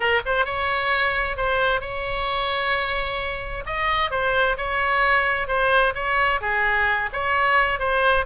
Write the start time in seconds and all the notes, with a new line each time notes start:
0.00 A#4
0.25 C5
0.45 C#5
1.36 C5
1.80 C#5
3.66 D#5
4.11 C5
4.57 C#5
5.47 C5
5.94 C#5
6.40 G#4
7.12 C#5
7.79 C5